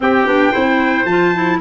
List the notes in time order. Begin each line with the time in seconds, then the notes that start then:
0.00 C4 G4 G5
0.26 B3 D4
0.51 C4 E4 C5
1.04 F3 F4 A5
1.35 E4